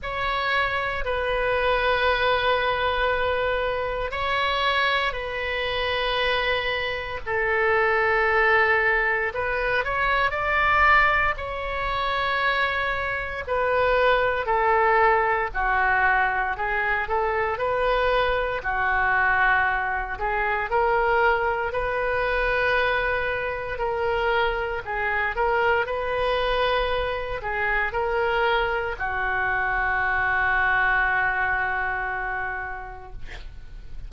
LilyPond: \new Staff \with { instrumentName = "oboe" } { \time 4/4 \tempo 4 = 58 cis''4 b'2. | cis''4 b'2 a'4~ | a'4 b'8 cis''8 d''4 cis''4~ | cis''4 b'4 a'4 fis'4 |
gis'8 a'8 b'4 fis'4. gis'8 | ais'4 b'2 ais'4 | gis'8 ais'8 b'4. gis'8 ais'4 | fis'1 | }